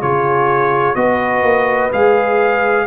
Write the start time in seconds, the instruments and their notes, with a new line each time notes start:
0.00 tuba C#3, trombone F4, horn G#4, trumpet C#5
0.95 tuba B3, trombone F#4, horn B4, trumpet D#5
1.42 tuba A#3
1.91 tuba G#3, trombone G#4, trumpet F5